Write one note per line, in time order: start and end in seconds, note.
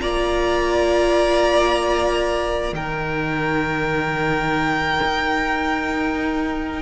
0.00 2.72 A#3
0.00 2.73 F4
0.00 2.73 D5
0.00 2.73 A#5
2.72 4.99 D#3
2.72 6.81 D#4
2.72 6.81 A#4
2.72 6.81 G5
5.02 6.81 D#4